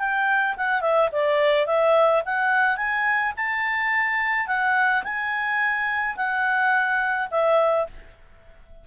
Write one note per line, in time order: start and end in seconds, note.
0.00 0.56 G5
0.57 0.82 F#5
0.82 1.10 E5
1.12 1.67 D5
1.67 2.23 E5
2.26 2.77 F#5
2.77 3.33 G#5
3.37 4.48 A5
4.48 5.04 F#5
5.04 6.16 G#5
6.17 7.29 F#5
7.31 7.87 E5